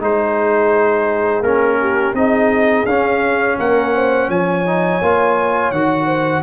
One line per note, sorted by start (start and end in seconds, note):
0.00 1.42 G#3
0.00 1.43 D#4
0.00 1.80 G#4
0.00 1.43 C5
1.42 2.13 A#3
1.42 2.15 C#4
1.42 2.14 A#4
1.80 2.16 G4
2.13 2.85 C4
2.13 2.86 D#4
2.13 3.59 G#4
2.13 2.86 D#5
2.85 3.57 C#4
2.85 4.66 C#4
2.85 3.57 F5
3.59 4.29 A#3
3.59 3.94 A#4
3.59 4.30 F#5
3.94 4.29 C5
4.29 5.00 F3
4.29 6.06 C#5
4.29 5.71 G#5
4.66 5.02 D#4
5.01 5.71 A#3
5.01 5.74 F4
5.71 6.42 D#3
5.71 6.42 F#4
5.71 6.42 F#5
6.06 6.42 C5